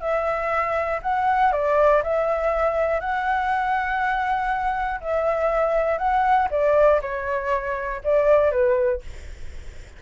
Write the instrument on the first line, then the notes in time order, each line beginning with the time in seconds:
flute
0.00 E5
1.02 F#5
1.52 D5
2.03 E5
3.00 F#5
5.01 E5
5.98 F#5
6.51 D5
7.01 C#5
8.04 D5
8.51 B4